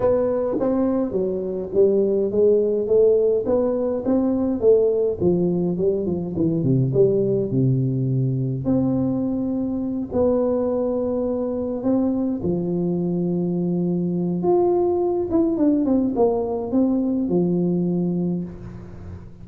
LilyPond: \new Staff \with { instrumentName = "tuba" } { \time 4/4 \tempo 4 = 104 b4 c'4 fis4 g4 | gis4 a4 b4 c'4 | a4 f4 g8 f8 e8 c8 | g4 c2 c'4~ |
c'4. b2~ b8~ | b8 c'4 f2~ f8~ | f4 f'4. e'8 d'8 c'8 | ais4 c'4 f2 | }